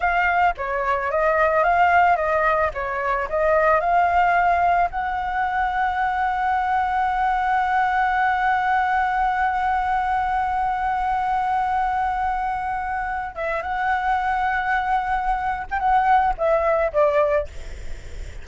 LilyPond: \new Staff \with { instrumentName = "flute" } { \time 4/4 \tempo 4 = 110 f''4 cis''4 dis''4 f''4 | dis''4 cis''4 dis''4 f''4~ | f''4 fis''2.~ | fis''1~ |
fis''1~ | fis''1~ | fis''8 e''8 fis''2.~ | fis''8. g''16 fis''4 e''4 d''4 | }